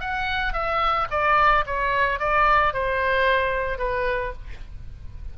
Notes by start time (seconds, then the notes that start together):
0.00 F#5
0.53 E5
1.10 D5
1.66 C#5
2.19 D5
2.73 C5
3.78 B4